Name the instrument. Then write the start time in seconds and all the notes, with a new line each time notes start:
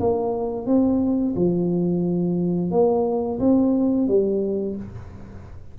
tuba
0.00 A#3
0.66 C4
1.36 F3
2.71 A#3
3.40 C4
4.08 G3